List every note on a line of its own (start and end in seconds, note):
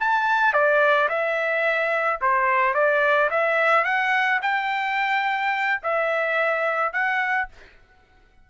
0.00 0.53 A5
0.53 1.08 D5
1.09 2.20 E5
2.21 2.74 C5
2.74 3.29 D5
3.30 3.84 E5
3.84 4.40 F#5
4.42 5.81 G5
5.83 6.92 E5
6.92 7.48 F#5